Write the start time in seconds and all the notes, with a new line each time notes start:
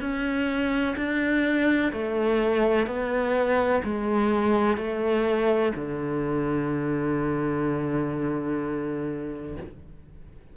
0.00 C#4
0.97 D4
1.92 A3
2.87 B3
3.84 G#3
4.77 A3
5.75 D3